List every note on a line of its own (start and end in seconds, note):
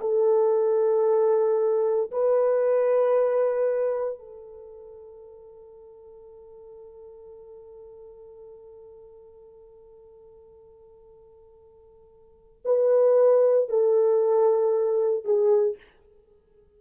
0.00 2.11 A4
2.11 4.19 B4
4.19 12.61 A4
12.65 13.68 B4
13.68 15.24 A4
15.24 15.77 G#4